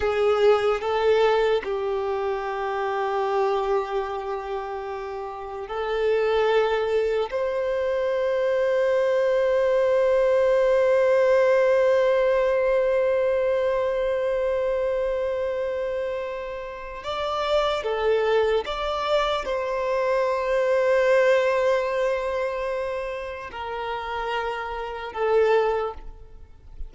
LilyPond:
\new Staff \with { instrumentName = "violin" } { \time 4/4 \tempo 4 = 74 gis'4 a'4 g'2~ | g'2. a'4~ | a'4 c''2.~ | c''1~ |
c''1~ | c''4 d''4 a'4 d''4 | c''1~ | c''4 ais'2 a'4 | }